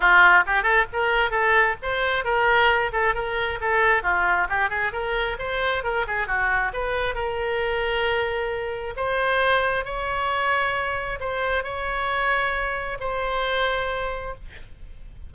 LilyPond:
\new Staff \with { instrumentName = "oboe" } { \time 4/4 \tempo 4 = 134 f'4 g'8 a'8 ais'4 a'4 | c''4 ais'4. a'8 ais'4 | a'4 f'4 g'8 gis'8 ais'4 | c''4 ais'8 gis'8 fis'4 b'4 |
ais'1 | c''2 cis''2~ | cis''4 c''4 cis''2~ | cis''4 c''2. | }